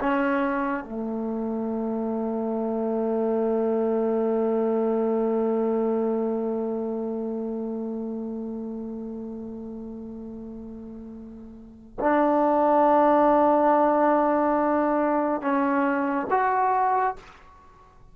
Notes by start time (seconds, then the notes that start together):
0.00 C#4
0.84 A3
12.00 D4
15.42 C#4
16.31 F#4